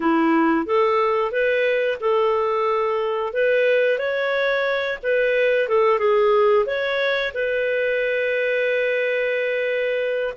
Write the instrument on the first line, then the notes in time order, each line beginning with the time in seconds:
clarinet
0.00 E4
0.65 A4
1.31 B4
2.00 A4
3.33 B4
3.98 C#5
5.02 B4
5.68 A4
5.98 G#4
6.65 C#5
7.34 B4